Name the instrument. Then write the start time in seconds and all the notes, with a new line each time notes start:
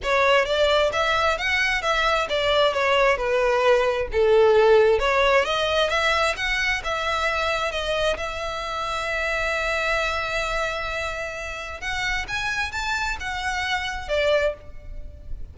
violin
0.03 C#5
0.45 D5
0.92 E5
1.37 F#5
1.82 E5
2.29 D5
2.73 C#5
3.17 B4
4.11 A4
4.99 C#5
5.44 D#5
5.89 E5
6.36 F#5
6.84 E5
7.71 D#5
8.17 E5
11.80 F#5
12.28 G#5
12.71 A5
13.19 F#5
14.08 D5